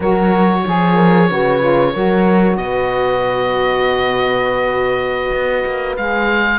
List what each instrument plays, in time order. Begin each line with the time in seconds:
0.00 cello F#3, saxophone F#4, horn A#4, oboe C#5
0.65 cello F3, horn G#4, saxophone G#4
0.95 horn A#4
1.29 cello C#3, saxophone F#4, horn B4
1.59 saxophone F4
1.92 cello F#3, saxophone F#4, horn A#4
2.56 cello B2, horn B4, oboe D#5
5.31 cello B3
5.65 cello A#3
5.96 cello G#3, saxophone G#4, oboe F5